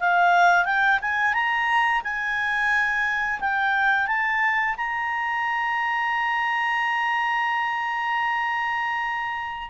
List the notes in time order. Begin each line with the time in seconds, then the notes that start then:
0.00 F5
0.65 G5
1.02 G#5
1.34 A#5
2.04 G#5
3.41 G5
4.08 A5
4.78 A#5